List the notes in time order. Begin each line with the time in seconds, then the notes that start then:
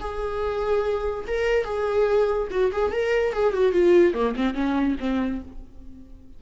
0.00 G#4
1.27 A#4
1.64 G#4
2.50 F#4
2.72 G#4
2.91 A#4
3.33 G#4
3.53 F#4
3.72 F4
4.14 A#3
4.35 C4
4.54 C#4
5.00 C4